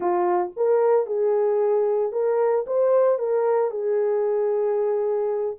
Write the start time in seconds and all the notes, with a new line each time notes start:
0.00 F4
0.56 A#4
1.06 G#4
2.11 A#4
2.67 C5
3.19 A#4
3.70 G#4